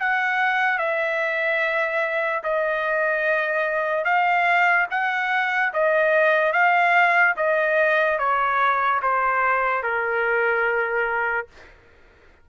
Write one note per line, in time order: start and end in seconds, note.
0.00 0.78 F#5
0.78 2.43 E5
2.44 4.05 D#5
4.05 4.87 F5
4.91 5.73 F#5
5.74 6.53 D#5
6.53 7.35 F5
7.37 8.19 D#5
8.19 9.01 C#5
9.03 9.83 C5
9.83 11.48 A#4